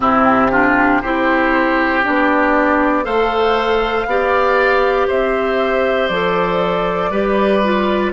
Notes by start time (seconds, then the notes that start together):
0.00 C3 C4 E4 G4
0.51 D4 F4
1.01 C4 E4 G4 C5
2.03 B3 D4 D5
3.03 A3 A4 C5 F5
4.06 B3 G4 D5
5.07 C4 C5 E5
6.07 F3 A4 D5
7.10 G3 G4 B4
7.63 F4